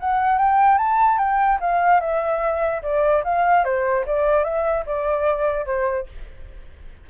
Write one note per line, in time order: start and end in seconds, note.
0.00 0.38 F#5
0.38 0.78 G5
0.78 1.18 A5
1.18 1.58 G5
1.60 2.00 F5
2.00 2.82 E5
2.82 3.23 D5
3.24 3.64 F5
3.64 4.05 C5
4.06 4.44 D5
4.44 4.84 E5
4.86 5.65 D5
5.65 6.06 C5